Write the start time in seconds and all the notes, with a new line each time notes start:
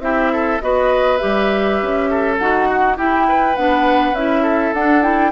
0.00 C4 E4 G4 E5
0.33 A4
0.61 B3 F#4 B4 D#5
1.18 G3 G4 E5
1.82 C#4
2.10 A4
2.38 D#4 F#4 F#5
2.69 F#4
2.97 E4 G4 G5
3.29 B4
3.56 B3 D4 F#5
4.12 C#4 E4 E5
4.43 A4
4.74 D4 F#5
5.02 E4 G5